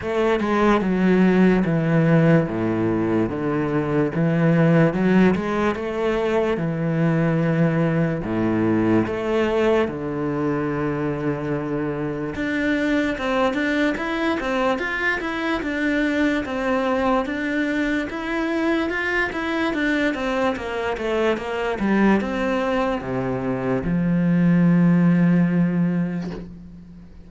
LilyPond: \new Staff \with { instrumentName = "cello" } { \time 4/4 \tempo 4 = 73 a8 gis8 fis4 e4 a,4 | d4 e4 fis8 gis8 a4 | e2 a,4 a4 | d2. d'4 |
c'8 d'8 e'8 c'8 f'8 e'8 d'4 | c'4 d'4 e'4 f'8 e'8 | d'8 c'8 ais8 a8 ais8 g8 c'4 | c4 f2. | }